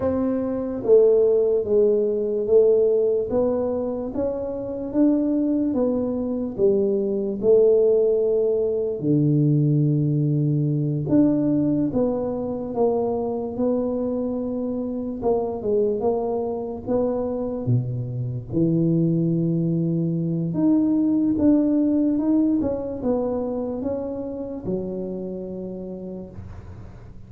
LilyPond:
\new Staff \with { instrumentName = "tuba" } { \time 4/4 \tempo 4 = 73 c'4 a4 gis4 a4 | b4 cis'4 d'4 b4 | g4 a2 d4~ | d4. d'4 b4 ais8~ |
ais8 b2 ais8 gis8 ais8~ | ais8 b4 b,4 e4.~ | e4 dis'4 d'4 dis'8 cis'8 | b4 cis'4 fis2 | }